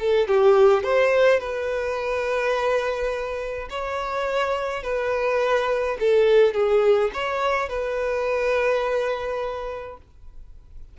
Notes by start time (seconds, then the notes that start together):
0.00 A4
0.28 G4
0.84 C5
1.40 B4
3.70 C#5
4.83 B4
6.00 A4
6.54 G#4
7.14 C#5
7.69 B4